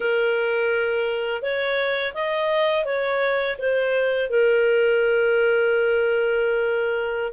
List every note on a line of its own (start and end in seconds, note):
0.00 1.42 A#4
1.42 2.13 C#5
2.14 2.84 D#5
2.84 3.56 C#5
3.58 4.29 C5
4.29 7.32 A#4